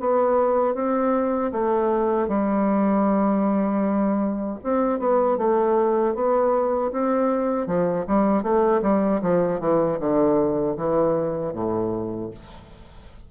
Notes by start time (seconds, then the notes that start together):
0.00 B3
0.74 C4
1.52 A3
2.28 G3
4.64 C4
4.99 B3
5.38 A3
6.15 B3
6.92 C4
7.67 F3
8.07 G3
8.43 A3
8.82 G3
9.22 F3
9.60 E3
10.00 D3
10.77 E3
11.53 A2